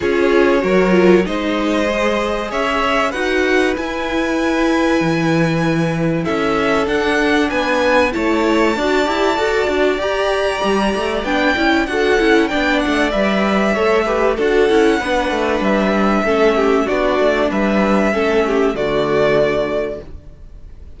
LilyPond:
<<
  \new Staff \with { instrumentName = "violin" } { \time 4/4 \tempo 4 = 96 cis''2 dis''2 | e''4 fis''4 gis''2~ | gis''2 e''4 fis''4 | gis''4 a''2. |
ais''2 g''4 fis''4 | g''8 fis''8 e''2 fis''4~ | fis''4 e''2 d''4 | e''2 d''2 | }
  \new Staff \with { instrumentName = "violin" } { \time 4/4 gis'4 ais'4 c''2 | cis''4 b'2.~ | b'2 a'2 | b'4 cis''4 d''2~ |
d''2. a'4 | d''2 cis''8 b'8 a'4 | b'2 a'8 g'8 fis'4 | b'4 a'8 g'8 fis'2 | }
  \new Staff \with { instrumentName = "viola" } { \time 4/4 f'4 fis'8 f'8 dis'4 gis'4~ | gis'4 fis'4 e'2~ | e'2. d'4~ | d'4 e'4 fis'8 g'8 a'8 fis'8 |
g'2 d'8 e'8 fis'8 e'8 | d'4 b'4 a'8 g'8 fis'8 e'8 | d'2 cis'4 d'4~ | d'4 cis'4 a2 | }
  \new Staff \with { instrumentName = "cello" } { \time 4/4 cis'4 fis4 gis2 | cis'4 dis'4 e'2 | e2 cis'4 d'4 | b4 a4 d'8 e'8 fis'8 d'8 |
g'4 g8 a8 b8 cis'8 d'8 cis'8 | b8 a8 g4 a4 d'8 cis'8 | b8 a8 g4 a4 b8 a8 | g4 a4 d2 | }
>>